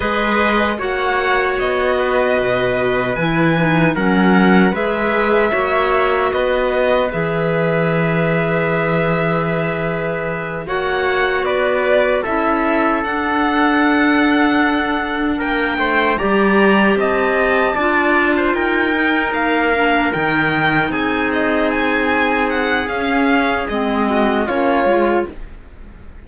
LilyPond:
<<
  \new Staff \with { instrumentName = "violin" } { \time 4/4 \tempo 4 = 76 dis''4 fis''4 dis''2 | gis''4 fis''4 e''2 | dis''4 e''2.~ | e''4. fis''4 d''4 e''8~ |
e''8 fis''2. g''8~ | g''8 ais''4 a''2 g''8~ | g''8 f''4 g''4 gis''8 dis''8 gis''8~ | gis''8 fis''8 f''4 dis''4 cis''4 | }
  \new Staff \with { instrumentName = "trumpet" } { \time 4/4 b'4 cis''4. b'4.~ | b'4 ais'4 b'4 cis''4 | b'1~ | b'4. cis''4 b'4 a'8~ |
a'2.~ a'8 ais'8 | c''8 d''4 dis''4 d''8. c''16 ais'8~ | ais'2~ ais'8 gis'4.~ | gis'2~ gis'8 fis'8 f'4 | }
  \new Staff \with { instrumentName = "clarinet" } { \time 4/4 gis'4 fis'2. | e'8 dis'8 cis'4 gis'4 fis'4~ | fis'4 gis'2.~ | gis'4. fis'2 e'8~ |
e'8 d'2.~ d'8~ | d'8 g'2 f'4. | dis'4 d'8 dis'2~ dis'8~ | dis'4 cis'4 c'4 cis'8 f'8 | }
  \new Staff \with { instrumentName = "cello" } { \time 4/4 gis4 ais4 b4 b,4 | e4 fis4 gis4 ais4 | b4 e2.~ | e4. ais4 b4 cis'8~ |
cis'8 d'2. ais8 | a8 g4 c'4 d'4 dis'8~ | dis'8 ais4 dis4 c'4.~ | c'4 cis'4 gis4 ais8 gis8 | }
>>